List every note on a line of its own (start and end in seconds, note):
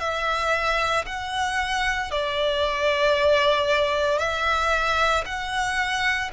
0.00 1.05 E5
1.06 2.11 F#5
2.11 4.19 D5
4.19 5.24 E5
5.26 6.31 F#5